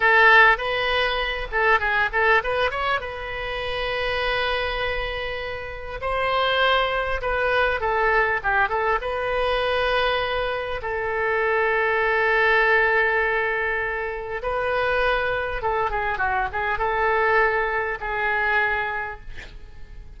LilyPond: \new Staff \with { instrumentName = "oboe" } { \time 4/4 \tempo 4 = 100 a'4 b'4. a'8 gis'8 a'8 | b'8 cis''8 b'2.~ | b'2 c''2 | b'4 a'4 g'8 a'8 b'4~ |
b'2 a'2~ | a'1 | b'2 a'8 gis'8 fis'8 gis'8 | a'2 gis'2 | }